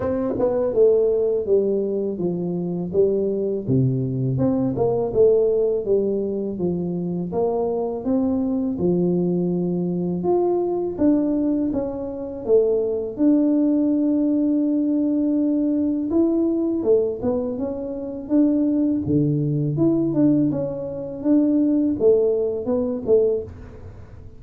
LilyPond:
\new Staff \with { instrumentName = "tuba" } { \time 4/4 \tempo 4 = 82 c'8 b8 a4 g4 f4 | g4 c4 c'8 ais8 a4 | g4 f4 ais4 c'4 | f2 f'4 d'4 |
cis'4 a4 d'2~ | d'2 e'4 a8 b8 | cis'4 d'4 d4 e'8 d'8 | cis'4 d'4 a4 b8 a8 | }